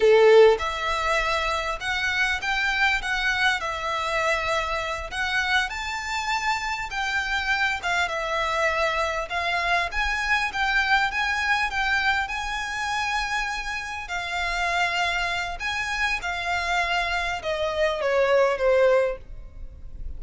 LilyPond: \new Staff \with { instrumentName = "violin" } { \time 4/4 \tempo 4 = 100 a'4 e''2 fis''4 | g''4 fis''4 e''2~ | e''8 fis''4 a''2 g''8~ | g''4 f''8 e''2 f''8~ |
f''8 gis''4 g''4 gis''4 g''8~ | g''8 gis''2. f''8~ | f''2 gis''4 f''4~ | f''4 dis''4 cis''4 c''4 | }